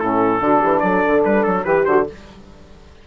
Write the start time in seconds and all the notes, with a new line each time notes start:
0.00 A2 C#4 E4 A4
0.41 D3 D4 F#4
0.61 E3 G4
0.80 F#3 A4 D5
1.08 D3
1.25 G3 B4
1.43 F#3 A4
1.64 E3 G4 B4
1.85 D3 F#4 C5